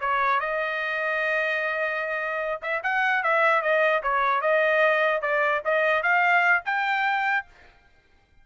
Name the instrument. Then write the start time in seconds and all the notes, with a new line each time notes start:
trumpet
0.00 C#5
0.40 D#5
2.62 E5
2.83 F#5
3.23 E5
3.62 D#5
4.03 C#5
4.41 D#5
5.21 D5
5.65 D#5
6.03 F5
6.65 G5